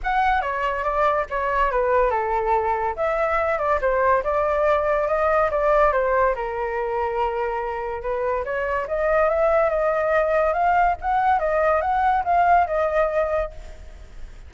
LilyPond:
\new Staff \with { instrumentName = "flute" } { \time 4/4 \tempo 4 = 142 fis''4 cis''4 d''4 cis''4 | b'4 a'2 e''4~ | e''8 d''8 c''4 d''2 | dis''4 d''4 c''4 ais'4~ |
ais'2. b'4 | cis''4 dis''4 e''4 dis''4~ | dis''4 f''4 fis''4 dis''4 | fis''4 f''4 dis''2 | }